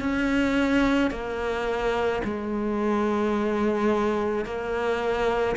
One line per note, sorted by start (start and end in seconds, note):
0.00 1.11 C#4
1.11 2.22 A#3
2.24 4.45 G#3
4.45 5.56 A#3